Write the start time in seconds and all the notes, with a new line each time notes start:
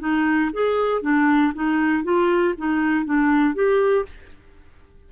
0.00 D#4
0.53 G#4
1.02 D4
1.54 D#4
2.04 F4
2.58 D#4
3.06 D4
3.55 G4